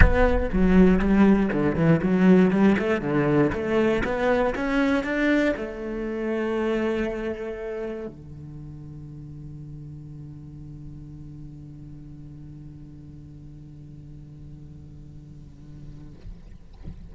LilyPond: \new Staff \with { instrumentName = "cello" } { \time 4/4 \tempo 4 = 119 b4 fis4 g4 d8 e8 | fis4 g8 a8 d4 a4 | b4 cis'4 d'4 a4~ | a1 |
d1~ | d1~ | d1~ | d1 | }